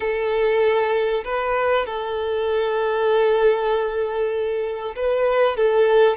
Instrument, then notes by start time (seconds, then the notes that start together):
violin
0.00 A4
1.24 B4
1.86 A4
4.95 B4
5.56 A4